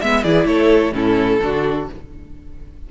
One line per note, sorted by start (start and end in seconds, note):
0.00 0.25 G#3
0.00 0.24 B3
0.00 0.23 E5
0.00 0.22 E5
0.22 0.44 E3
0.22 0.92 E4
0.22 0.46 G#4
0.22 0.46 D5
0.44 0.92 A3
0.44 0.94 A4
0.44 0.93 C#5
0.92 1.39 A2
0.92 1.39 C#4
0.92 1.42 E4
0.92 1.89 A4
1.41 1.89 D3
1.41 1.89 D4
1.41 1.91 F#4